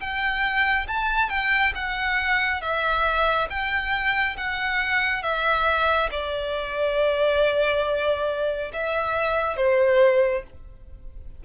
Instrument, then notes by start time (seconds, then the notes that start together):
violin
0.00 G5
0.87 A5
1.29 G5
1.75 F#5
2.61 E5
3.49 G5
4.37 F#5
5.23 E5
6.11 D5
8.73 E5
9.57 C5